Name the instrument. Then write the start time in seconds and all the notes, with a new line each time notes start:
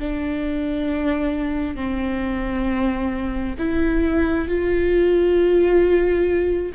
viola
0.00 D4
1.76 C4
3.59 E4
4.49 F4